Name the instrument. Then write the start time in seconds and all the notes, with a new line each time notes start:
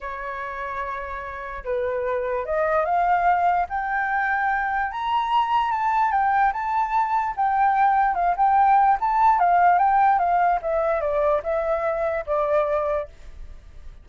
flute
0.00 C#5
1.64 B4
2.45 D#5
2.85 F5
3.69 G5
4.91 A#5
5.71 A5
6.11 G5
6.53 A5
7.36 G5
8.14 F5
8.37 G5
9.00 A5
9.39 F5
9.78 G5
10.19 F5
10.62 E5
11.00 D5
11.43 E5
12.26 D5